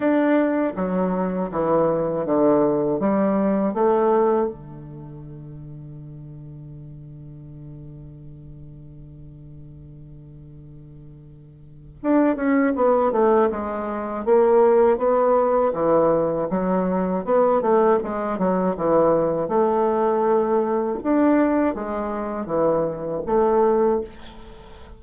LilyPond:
\new Staff \with { instrumentName = "bassoon" } { \time 4/4 \tempo 4 = 80 d'4 fis4 e4 d4 | g4 a4 d2~ | d1~ | d1 |
d'8 cis'8 b8 a8 gis4 ais4 | b4 e4 fis4 b8 a8 | gis8 fis8 e4 a2 | d'4 gis4 e4 a4 | }